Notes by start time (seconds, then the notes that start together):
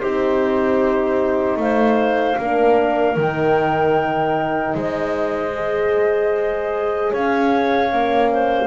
0.00 C4 D#4 G4 C5
1.57 A3 C5 F5
2.38 A#3 D4 A#4
3.17 D#3 D#4 G5
4.75 G#3 C5 D#5
5.54 G#4
7.12 C#4 C#5 F5
7.92 A#3 C#4
8.32 C5